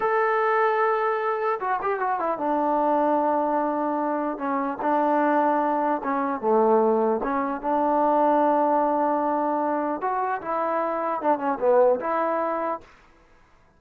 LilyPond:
\new Staff \with { instrumentName = "trombone" } { \time 4/4 \tempo 4 = 150 a'1 | fis'8 g'8 fis'8 e'8 d'2~ | d'2. cis'4 | d'2. cis'4 |
a2 cis'4 d'4~ | d'1~ | d'4 fis'4 e'2 | d'8 cis'8 b4 e'2 | }